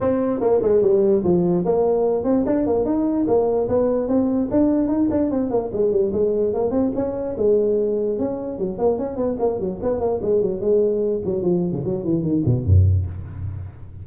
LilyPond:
\new Staff \with { instrumentName = "tuba" } { \time 4/4 \tempo 4 = 147 c'4 ais8 gis8 g4 f4 | ais4. c'8 d'8 ais8 dis'4 | ais4 b4 c'4 d'4 | dis'8 d'8 c'8 ais8 gis8 g8 gis4 |
ais8 c'8 cis'4 gis2 | cis'4 fis8 ais8 cis'8 b8 ais8 fis8 | b8 ais8 gis8 fis8 gis4. fis8 | f8. cis16 fis8 e8 dis8 b,8 fis,4 | }